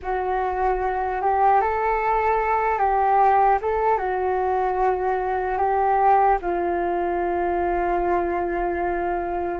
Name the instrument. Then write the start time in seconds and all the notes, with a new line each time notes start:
flute
0.02 F#4
1.21 G4
1.61 A4
2.78 G4
3.61 A4
3.97 F#4
5.57 G4
6.41 F4